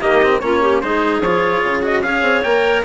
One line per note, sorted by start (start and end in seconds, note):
0.00 0.42 D#3
0.00 0.21 A#3
0.00 0.40 G4
0.00 0.40 D#5
0.22 0.42 C4
0.40 0.82 A#3
0.40 0.83 C#4
0.40 0.62 F4
0.40 0.80 C#5
0.62 0.82 G4
0.81 1.21 G#3
0.81 1.23 D#4
0.81 2.03 G#4
0.81 1.21 C5
1.21 1.61 F3
1.21 1.82 F4
1.21 1.82 C#5
1.64 2.03 C#3
1.82 2.02 F#4
1.82 2.02 D#5
2.02 2.22 C#4
2.02 2.43 G#4
2.02 2.84 C#5
2.02 2.43 F5
2.22 2.42 C4
2.43 2.84 A#3
2.43 2.84 A#4
2.43 2.83 G5